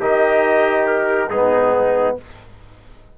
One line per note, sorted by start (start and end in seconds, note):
0.00 1.29 D#3
0.00 1.31 D#4
0.00 1.29 G4
0.00 0.86 D#5
0.86 1.29 A#4
1.29 2.15 G#2
1.29 2.18 B3
1.29 2.16 D#4
1.29 2.16 G#4